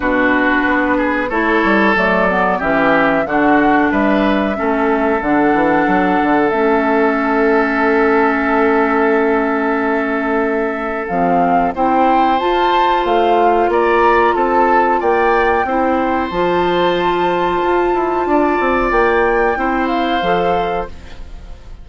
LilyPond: <<
  \new Staff \with { instrumentName = "flute" } { \time 4/4 \tempo 4 = 92 b'2 cis''4 d''4 | e''4 fis''4 e''2 | fis''2 e''2~ | e''1~ |
e''4 f''4 g''4 a''4 | f''4 ais''4 a''4 g''4~ | g''4 a''2.~ | a''4 g''4. f''4. | }
  \new Staff \with { instrumentName = "oboe" } { \time 4/4 fis'4. gis'8 a'2 | g'4 fis'4 b'4 a'4~ | a'1~ | a'1~ |
a'2 c''2~ | c''4 d''4 a'4 d''4 | c''1 | d''2 c''2 | }
  \new Staff \with { instrumentName = "clarinet" } { \time 4/4 d'2 e'4 a8 b8 | cis'4 d'2 cis'4 | d'2 cis'2~ | cis'1~ |
cis'4 c'4 e'4 f'4~ | f'1 | e'4 f'2.~ | f'2 e'4 a'4 | }
  \new Staff \with { instrumentName = "bassoon" } { \time 4/4 b,4 b4 a8 g8 fis4 | e4 d4 g4 a4 | d8 e8 fis8 d8 a2~ | a1~ |
a4 f4 c'4 f'4 | a4 ais4 c'4 ais4 | c'4 f2 f'8 e'8 | d'8 c'8 ais4 c'4 f4 | }
>>